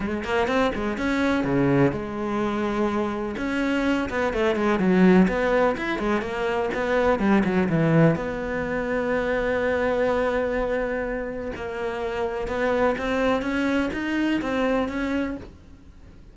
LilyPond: \new Staff \with { instrumentName = "cello" } { \time 4/4 \tempo 4 = 125 gis8 ais8 c'8 gis8 cis'4 cis4 | gis2. cis'4~ | cis'8 b8 a8 gis8 fis4 b4 | e'8 gis8 ais4 b4 g8 fis8 |
e4 b2.~ | b1 | ais2 b4 c'4 | cis'4 dis'4 c'4 cis'4 | }